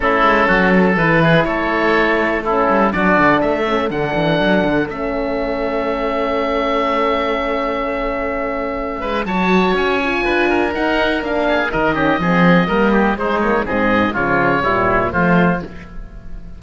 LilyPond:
<<
  \new Staff \with { instrumentName = "oboe" } { \time 4/4 \tempo 4 = 123 a'2 b'4 cis''4~ | cis''4 a'4 d''4 e''4 | fis''2 e''2~ | e''1~ |
e''2. a''4 | gis''2 fis''4 f''4 | dis''2. c''8 cis''8 | dis''4 cis''2 c''4 | }
  \new Staff \with { instrumentName = "oboe" } { \time 4/4 e'4 fis'8 a'4 gis'8 a'4~ | a'4 e'4 fis'4 a'4~ | a'1~ | a'1~ |
a'2~ a'8 b'8 cis''4~ | cis''4 b'8 ais'2 gis'8 | ais'8 g'8 gis'4 ais'8 g'8 dis'4 | gis'4 f'4 e'4 f'4 | }
  \new Staff \with { instrumentName = "horn" } { \time 4/4 cis'2 e'2~ | e'4 cis'4 d'4. cis'8 | d'2 cis'2~ | cis'1~ |
cis'2. fis'4~ | fis'8 f'4. dis'4 d'4 | dis'8 cis'8 c'4 ais4 gis8 ais8 | c'4 f4 g4 a4 | }
  \new Staff \with { instrumentName = "cello" } { \time 4/4 a8 gis8 fis4 e4 a4~ | a4. g8 fis8 d8 a4 | d8 e8 fis8 d8 a2~ | a1~ |
a2~ a8 gis8 fis4 | cis'4 d'4 dis'4 ais4 | dis4 f4 g4 gis4 | gis,4 cis4 ais,4 f4 | }
>>